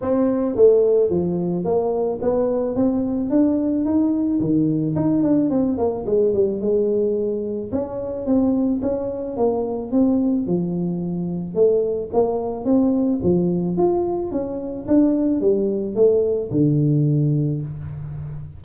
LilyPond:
\new Staff \with { instrumentName = "tuba" } { \time 4/4 \tempo 4 = 109 c'4 a4 f4 ais4 | b4 c'4 d'4 dis'4 | dis4 dis'8 d'8 c'8 ais8 gis8 g8 | gis2 cis'4 c'4 |
cis'4 ais4 c'4 f4~ | f4 a4 ais4 c'4 | f4 f'4 cis'4 d'4 | g4 a4 d2 | }